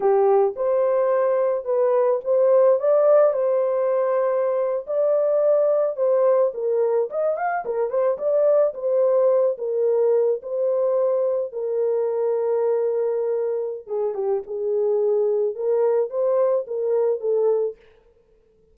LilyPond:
\new Staff \with { instrumentName = "horn" } { \time 4/4 \tempo 4 = 108 g'4 c''2 b'4 | c''4 d''4 c''2~ | c''8. d''2 c''4 ais'16~ | ais'8. dis''8 f''8 ais'8 c''8 d''4 c''16~ |
c''4~ c''16 ais'4. c''4~ c''16~ | c''8. ais'2.~ ais'16~ | ais'4 gis'8 g'8 gis'2 | ais'4 c''4 ais'4 a'4 | }